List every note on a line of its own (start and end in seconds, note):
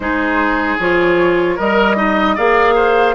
0.00 0.76 G#3
0.00 0.79 D#4
0.00 1.56 G#4
0.00 0.79 C5
0.79 1.58 F3
0.79 1.59 F4
0.79 1.58 C#5
1.56 2.37 G3
1.56 1.95 A#4
1.56 1.96 A#4
1.56 2.37 D#5
1.96 2.35 D#4
1.96 2.35 D#5
2.35 3.14 A#3
2.35 3.14 G#4
2.35 2.74 D5
2.35 3.14 F5
2.75 3.14 C5